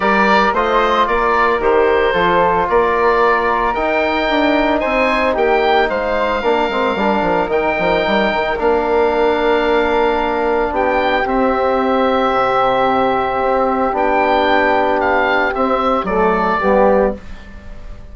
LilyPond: <<
  \new Staff \with { instrumentName = "oboe" } { \time 4/4 \tempo 4 = 112 d''4 dis''4 d''4 c''4~ | c''4 d''2 g''4~ | g''4 gis''4 g''4 f''4~ | f''2 g''2 |
f''1 | g''4 e''2.~ | e''2 g''2 | f''4 e''4 d''2 | }
  \new Staff \with { instrumentName = "flute" } { \time 4/4 ais'4 c''4 ais'2 | a'4 ais'2.~ | ais'4 c''4 g'4 c''4 | ais'1~ |
ais'1 | g'1~ | g'1~ | g'2 a'4 g'4 | }
  \new Staff \with { instrumentName = "trombone" } { \time 4/4 g'4 f'2 g'4 | f'2. dis'4~ | dis'1 | d'8 c'8 d'4 dis'2 |
d'1~ | d'4 c'2.~ | c'2 d'2~ | d'4 c'4 a4 b4 | }
  \new Staff \with { instrumentName = "bassoon" } { \time 4/4 g4 a4 ais4 dis4 | f4 ais2 dis'4 | d'4 c'4 ais4 gis4 | ais8 gis8 g8 f8 dis8 f8 g8 dis8 |
ais1 | b4 c'2 c4~ | c4 c'4 b2~ | b4 c'4 fis4 g4 | }
>>